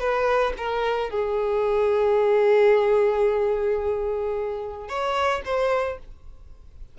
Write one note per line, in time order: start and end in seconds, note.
0.00 0.53 B4
0.57 1.10 A#4
1.10 4.89 G#4
4.89 5.42 C#5
5.45 5.98 C5